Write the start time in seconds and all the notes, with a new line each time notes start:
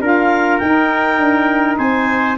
0.00 D4 F4 A#4 F5
0.58 D#4 G5
1.18 D4
1.78 C4 C5 G#5